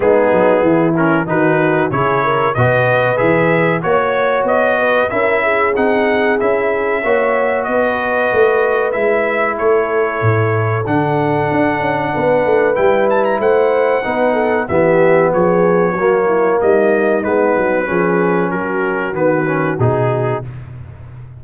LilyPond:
<<
  \new Staff \with { instrumentName = "trumpet" } { \time 4/4 \tempo 4 = 94 gis'4. ais'8 b'4 cis''4 | dis''4 e''4 cis''4 dis''4 | e''4 fis''4 e''2 | dis''2 e''4 cis''4~ |
cis''4 fis''2. | g''8 a''16 ais''16 fis''2 e''4 | cis''2 dis''4 b'4~ | b'4 ais'4 b'4 gis'4 | }
  \new Staff \with { instrumentName = "horn" } { \time 4/4 dis'4 e'4 fis'4 gis'8 ais'8 | b'2 cis''4. b'8 | ais'8 gis'2~ gis'8 cis''4 | b'2. a'4~ |
a'2. b'4~ | b'4 c''4 b'8 a'8 g'4 | gis'4 fis'8 e'8 dis'2 | gis'4 fis'2. | }
  \new Staff \with { instrumentName = "trombone" } { \time 4/4 b4. cis'8 dis'4 e'4 | fis'4 gis'4 fis'2 | e'4 dis'4 e'4 fis'4~ | fis'2 e'2~ |
e'4 d'2. | e'2 dis'4 b4~ | b4 ais2 b4 | cis'2 b8 cis'8 dis'4 | }
  \new Staff \with { instrumentName = "tuba" } { \time 4/4 gis8 fis8 e4 dis4 cis4 | b,4 e4 ais4 b4 | cis'4 c'4 cis'4 ais4 | b4 a4 gis4 a4 |
a,4 d4 d'8 cis'8 b8 a8 | g4 a4 b4 e4 | f4 fis4 g4 gis8 fis8 | f4 fis4 dis4 b,4 | }
>>